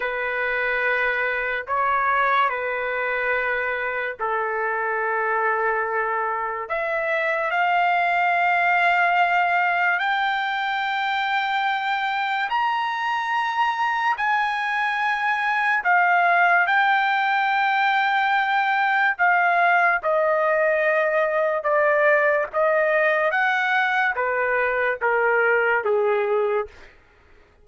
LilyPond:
\new Staff \with { instrumentName = "trumpet" } { \time 4/4 \tempo 4 = 72 b'2 cis''4 b'4~ | b'4 a'2. | e''4 f''2. | g''2. ais''4~ |
ais''4 gis''2 f''4 | g''2. f''4 | dis''2 d''4 dis''4 | fis''4 b'4 ais'4 gis'4 | }